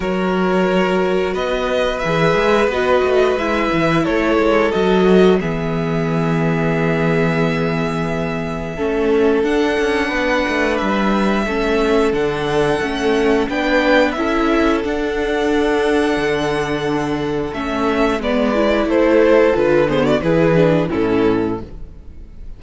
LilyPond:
<<
  \new Staff \with { instrumentName = "violin" } { \time 4/4 \tempo 4 = 89 cis''2 dis''4 e''4 | dis''4 e''4 cis''4 dis''4 | e''1~ | e''2 fis''2 |
e''2 fis''2 | g''4 e''4 fis''2~ | fis''2 e''4 d''4 | c''4 b'8 c''16 d''16 b'4 a'4 | }
  \new Staff \with { instrumentName = "violin" } { \time 4/4 ais'2 b'2~ | b'2 a'2 | gis'1~ | gis'4 a'2 b'4~ |
b'4 a'2. | b'4 a'2.~ | a'2. b'4 | a'4. gis'16 fis'16 gis'4 e'4 | }
  \new Staff \with { instrumentName = "viola" } { \time 4/4 fis'2. gis'4 | fis'4 e'2 fis'4 | b1~ | b4 cis'4 d'2~ |
d'4 cis'4 d'4 cis'4 | d'4 e'4 d'2~ | d'2 cis'4 b8 e'8~ | e'4 f'8 b8 e'8 d'8 cis'4 | }
  \new Staff \with { instrumentName = "cello" } { \time 4/4 fis2 b4 e8 gis8 | b8 a8 gis8 e8 a8 gis8 fis4 | e1~ | e4 a4 d'8 cis'8 b8 a8 |
g4 a4 d4 a4 | b4 cis'4 d'2 | d2 a4 gis4 | a4 d4 e4 a,4 | }
>>